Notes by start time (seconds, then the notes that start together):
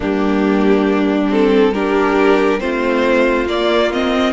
0.00 G3 A#3 D4 G4
1.30 C4 A4
1.73 D4 G4 A#4
2.60 A3 C4 F4 C5
3.46 A#3 D5
3.92 C4 D#5